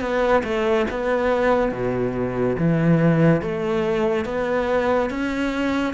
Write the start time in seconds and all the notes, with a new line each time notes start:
0.00 B3
0.43 A3
0.90 B3
1.71 B2
2.58 E3
3.41 A3
4.25 B3
5.10 C#4